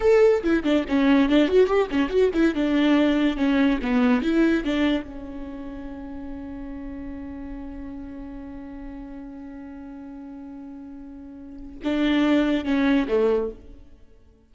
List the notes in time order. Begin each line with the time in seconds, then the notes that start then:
0.00 A4
0.43 E4
0.63 D4
0.88 C#4
1.29 D4
1.48 F#4
1.66 G4
1.90 C#4
2.09 F#4
2.33 E4
2.55 D4
3.36 C#4
3.81 B3
4.22 E4
4.64 D4
5.03 C#4
11.84 D4
12.64 C#4
13.08 A3